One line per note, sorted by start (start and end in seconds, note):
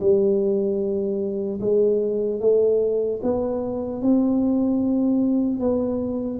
0.00 1.60 G3
1.61 2.40 G#3
2.40 3.20 A3
3.23 4.02 B3
4.02 5.60 C4
5.60 6.40 B3